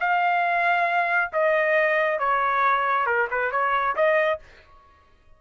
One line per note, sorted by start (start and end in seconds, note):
0.00 1.31 F5
1.33 2.19 D#5
2.19 3.06 C#5
3.06 3.28 A#4
3.31 3.52 B4
3.52 3.96 C#5
3.96 4.40 D#5